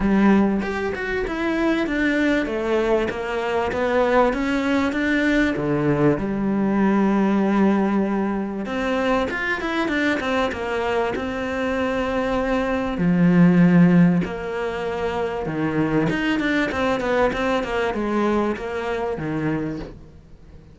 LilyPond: \new Staff \with { instrumentName = "cello" } { \time 4/4 \tempo 4 = 97 g4 g'8 fis'8 e'4 d'4 | a4 ais4 b4 cis'4 | d'4 d4 g2~ | g2 c'4 f'8 e'8 |
d'8 c'8 ais4 c'2~ | c'4 f2 ais4~ | ais4 dis4 dis'8 d'8 c'8 b8 | c'8 ais8 gis4 ais4 dis4 | }